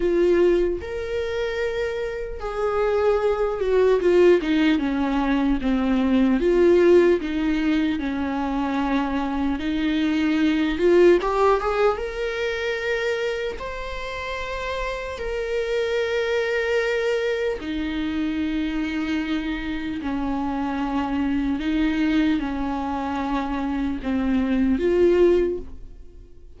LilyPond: \new Staff \with { instrumentName = "viola" } { \time 4/4 \tempo 4 = 75 f'4 ais'2 gis'4~ | gis'8 fis'8 f'8 dis'8 cis'4 c'4 | f'4 dis'4 cis'2 | dis'4. f'8 g'8 gis'8 ais'4~ |
ais'4 c''2 ais'4~ | ais'2 dis'2~ | dis'4 cis'2 dis'4 | cis'2 c'4 f'4 | }